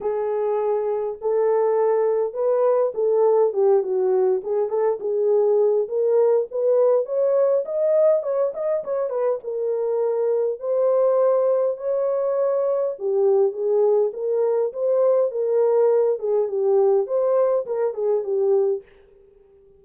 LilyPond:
\new Staff \with { instrumentName = "horn" } { \time 4/4 \tempo 4 = 102 gis'2 a'2 | b'4 a'4 g'8 fis'4 gis'8 | a'8 gis'4. ais'4 b'4 | cis''4 dis''4 cis''8 dis''8 cis''8 b'8 |
ais'2 c''2 | cis''2 g'4 gis'4 | ais'4 c''4 ais'4. gis'8 | g'4 c''4 ais'8 gis'8 g'4 | }